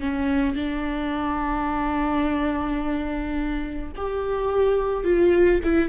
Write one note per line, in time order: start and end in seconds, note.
0.00 0.56 C#4
0.56 3.92 D4
3.96 5.04 G4
5.04 5.60 F4
5.64 5.89 E4